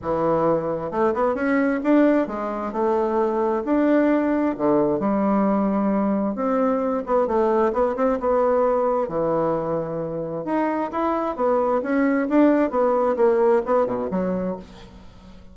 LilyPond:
\new Staff \with { instrumentName = "bassoon" } { \time 4/4 \tempo 4 = 132 e2 a8 b8 cis'4 | d'4 gis4 a2 | d'2 d4 g4~ | g2 c'4. b8 |
a4 b8 c'8 b2 | e2. dis'4 | e'4 b4 cis'4 d'4 | b4 ais4 b8 b,8 fis4 | }